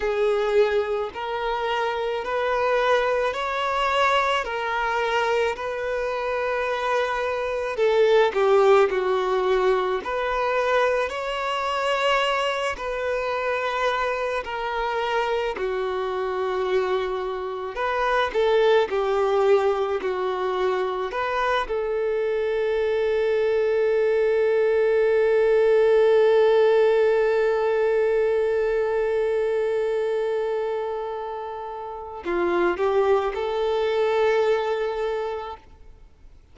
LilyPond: \new Staff \with { instrumentName = "violin" } { \time 4/4 \tempo 4 = 54 gis'4 ais'4 b'4 cis''4 | ais'4 b'2 a'8 g'8 | fis'4 b'4 cis''4. b'8~ | b'4 ais'4 fis'2 |
b'8 a'8 g'4 fis'4 b'8 a'8~ | a'1~ | a'1~ | a'4 f'8 g'8 a'2 | }